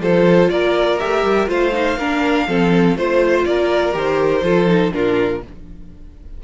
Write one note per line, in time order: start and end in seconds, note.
0.00 0.49 F3
0.00 0.99 F4
0.00 0.51 A4
0.00 0.50 C5
0.50 1.00 A#3
0.50 1.49 A#4
0.50 0.99 D5
0.99 1.23 A3
0.99 1.48 G4
0.99 1.49 E5
1.23 1.48 G3
1.48 1.98 A3
1.48 1.72 F4
1.48 1.98 C5
1.48 2.98 F5
1.73 1.98 D#4
1.98 2.47 A#3
1.98 2.48 D4
1.98 2.48 A#4
2.48 2.97 F3
2.48 2.97 C4
2.48 2.98 A4
2.97 3.46 A3
2.97 3.93 F4
2.97 3.45 C5
2.97 3.48 C5
3.45 3.95 A#3
3.45 4.44 A#4
3.45 3.95 D5
3.93 4.43 D#3
3.93 4.42 G4
3.93 4.93 C5
4.43 4.92 F3
4.43 4.68 F4
4.43 4.94 A4
4.68 4.92 D#4
4.92 5.44 A#2
4.92 5.41 D4
4.92 5.43 F4
4.92 5.43 A#4